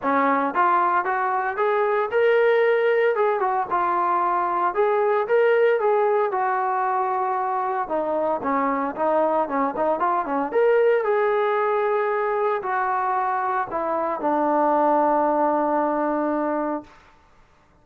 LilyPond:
\new Staff \with { instrumentName = "trombone" } { \time 4/4 \tempo 4 = 114 cis'4 f'4 fis'4 gis'4 | ais'2 gis'8 fis'8 f'4~ | f'4 gis'4 ais'4 gis'4 | fis'2. dis'4 |
cis'4 dis'4 cis'8 dis'8 f'8 cis'8 | ais'4 gis'2. | fis'2 e'4 d'4~ | d'1 | }